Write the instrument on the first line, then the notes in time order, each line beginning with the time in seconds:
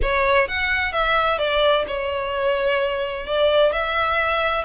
violin
0.01 C#5
0.48 F#5
0.92 E5
1.38 D5
1.87 C#5
3.26 D5
3.72 E5